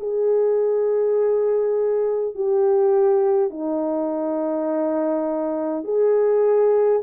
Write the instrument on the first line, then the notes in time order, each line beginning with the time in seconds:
horn
0.00 G#4
2.35 G4
3.50 D#4
5.84 G#4